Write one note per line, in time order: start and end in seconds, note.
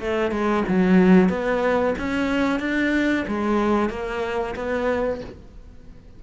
0.00 0.31 A3
0.31 0.64 G#3
0.68 1.29 F#3
1.29 1.94 B3
1.99 2.60 C#4
2.60 3.25 D4
3.28 3.90 G#3
3.90 4.55 A#3
4.56 5.21 B3